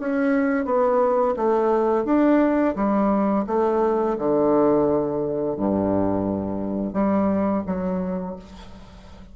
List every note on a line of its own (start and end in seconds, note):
0.00 0.65 C#4
0.65 1.35 B3
1.37 2.05 A3
2.05 2.75 D4
2.76 3.46 G3
3.47 4.17 A3
4.19 5.57 D3
5.57 6.94 G2
6.94 7.64 G3
7.67 8.37 F#3